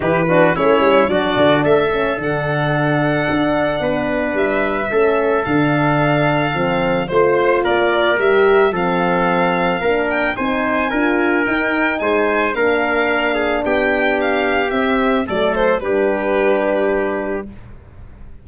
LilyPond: <<
  \new Staff \with { instrumentName = "violin" } { \time 4/4 \tempo 4 = 110 b'4 cis''4 d''4 e''4 | fis''1 | e''2 f''2~ | f''4 c''4 d''4 e''4 |
f''2~ f''8 g''8 gis''4~ | gis''4 g''4 gis''4 f''4~ | f''4 g''4 f''4 e''4 | d''8 c''8 b'2. | }
  \new Staff \with { instrumentName = "trumpet" } { \time 4/4 g'8 fis'8 e'4 fis'4 a'4~ | a'2. b'4~ | b'4 a'2.~ | a'4 c''4 ais'2 |
a'2 ais'4 c''4 | ais'2 c''4 ais'4~ | ais'8 gis'8 g'2. | a'4 g'2. | }
  \new Staff \with { instrumentName = "horn" } { \time 4/4 e'8 d'8 cis'4 d'4. cis'8 | d'1~ | d'4 cis'4 d'2 | c'4 f'2 g'4 |
c'2 d'4 dis'4 | f'4 dis'2 d'4~ | d'2. c'4 | a4 d'2. | }
  \new Staff \with { instrumentName = "tuba" } { \time 4/4 e4 a8 g8 fis8 d8 a4 | d2 d'4 b4 | g4 a4 d2 | f4 a4 ais4 g4 |
f2 ais4 c'4 | d'4 dis'4 gis4 ais4~ | ais4 b2 c'4 | fis4 g2. | }
>>